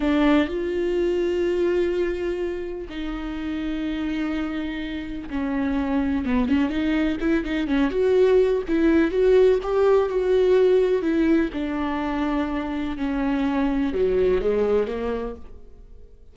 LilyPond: \new Staff \with { instrumentName = "viola" } { \time 4/4 \tempo 4 = 125 d'4 f'2.~ | f'2 dis'2~ | dis'2. cis'4~ | cis'4 b8 cis'8 dis'4 e'8 dis'8 |
cis'8 fis'4. e'4 fis'4 | g'4 fis'2 e'4 | d'2. cis'4~ | cis'4 fis4 gis4 ais4 | }